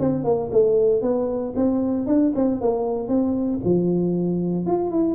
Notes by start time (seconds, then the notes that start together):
0.00 C4
0.24 A#3
0.51 A3
1.02 B3
1.56 C4
2.07 D4
2.35 C4
2.61 A#3
3.08 C4
3.64 F3
4.66 F4
4.91 E4